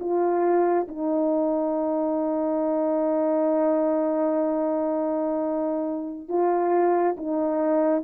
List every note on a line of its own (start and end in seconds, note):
0.00 0.87 F4
0.89 6.29 D#4
6.29 7.16 F4
7.17 8.04 D#4